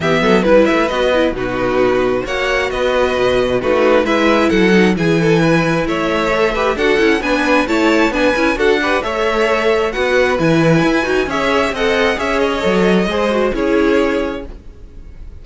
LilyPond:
<<
  \new Staff \with { instrumentName = "violin" } { \time 4/4 \tempo 4 = 133 e''4 b'8 e''8 dis''4 b'4~ | b'4 fis''4 dis''2 | b'4 e''4 fis''4 gis''4~ | gis''4 e''2 fis''4 |
gis''4 a''4 gis''4 fis''4 | e''2 fis''4 gis''4~ | gis''4 e''4 fis''4 e''8 dis''8~ | dis''2 cis''2 | }
  \new Staff \with { instrumentName = "violin" } { \time 4/4 g'8 a'8 b'2 fis'4~ | fis'4 cis''4 b'2 | fis'4 b'4 a'4 gis'8 a'8 | b'4 cis''4. b'8 a'4 |
b'4 cis''4 b'4 a'8 b'8 | cis''2 b'2~ | b'4 cis''4 dis''4 cis''4~ | cis''4 c''4 gis'2 | }
  \new Staff \with { instrumentName = "viola" } { \time 4/4 b4 e'4 fis'8 e'8 dis'4~ | dis'4 fis'2. | dis'4 e'4. dis'8 e'4~ | e'2 a'8 g'8 fis'8 e'8 |
d'4 e'4 d'8 e'8 fis'8 g'8 | a'2 fis'4 e'4~ | e'8 fis'8 gis'4 a'4 gis'4 | a'4 gis'8 fis'8 e'2 | }
  \new Staff \with { instrumentName = "cello" } { \time 4/4 e8 fis8 g8 a8 b4 b,4~ | b,4 ais4 b4 b,4 | a4 gis4 fis4 e4~ | e4 a2 d'8 cis'8 |
b4 a4 b8 cis'8 d'4 | a2 b4 e4 | e'8 dis'8 cis'4 c'4 cis'4 | fis4 gis4 cis'2 | }
>>